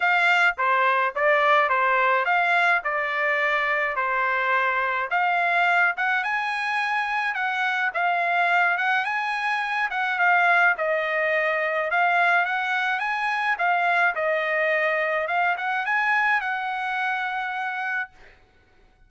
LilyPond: \new Staff \with { instrumentName = "trumpet" } { \time 4/4 \tempo 4 = 106 f''4 c''4 d''4 c''4 | f''4 d''2 c''4~ | c''4 f''4. fis''8 gis''4~ | gis''4 fis''4 f''4. fis''8 |
gis''4. fis''8 f''4 dis''4~ | dis''4 f''4 fis''4 gis''4 | f''4 dis''2 f''8 fis''8 | gis''4 fis''2. | }